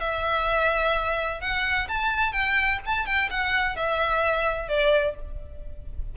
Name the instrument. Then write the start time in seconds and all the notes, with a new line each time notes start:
violin
0.00 E5
1.40 F#5
1.88 A5
2.32 G5
2.86 A5
3.06 G5
3.30 F#5
3.76 E5
4.68 D5